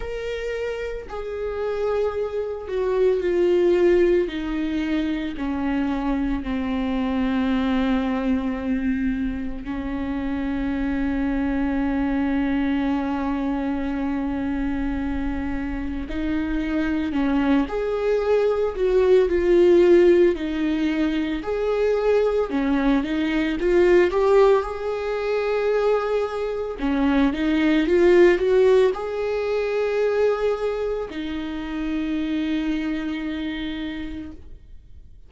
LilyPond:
\new Staff \with { instrumentName = "viola" } { \time 4/4 \tempo 4 = 56 ais'4 gis'4. fis'8 f'4 | dis'4 cis'4 c'2~ | c'4 cis'2.~ | cis'2. dis'4 |
cis'8 gis'4 fis'8 f'4 dis'4 | gis'4 cis'8 dis'8 f'8 g'8 gis'4~ | gis'4 cis'8 dis'8 f'8 fis'8 gis'4~ | gis'4 dis'2. | }